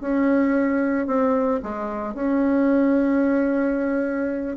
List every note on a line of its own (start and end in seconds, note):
0.00 1.06 C#4
1.06 1.60 C4
1.62 2.14 G#3
2.14 4.56 C#4